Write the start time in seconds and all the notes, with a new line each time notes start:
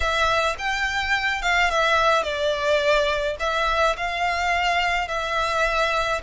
0.00 E5
0.58 G5
1.42 F5
1.70 E5
2.23 D5
3.39 E5
3.96 F5
5.08 E5